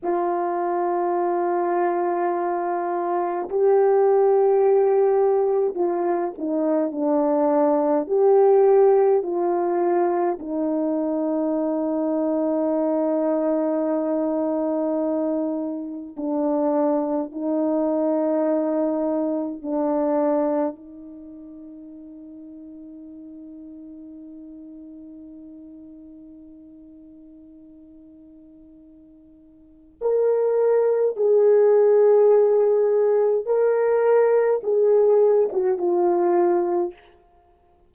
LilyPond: \new Staff \with { instrumentName = "horn" } { \time 4/4 \tempo 4 = 52 f'2. g'4~ | g'4 f'8 dis'8 d'4 g'4 | f'4 dis'2.~ | dis'2 d'4 dis'4~ |
dis'4 d'4 dis'2~ | dis'1~ | dis'2 ais'4 gis'4~ | gis'4 ais'4 gis'8. fis'16 f'4 | }